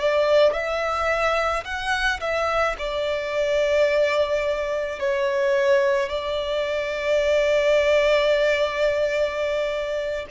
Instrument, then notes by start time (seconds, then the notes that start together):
violin
0.00 D5
0.53 E5
1.65 F#5
2.21 E5
2.79 D5
4.99 C#5
6.10 D5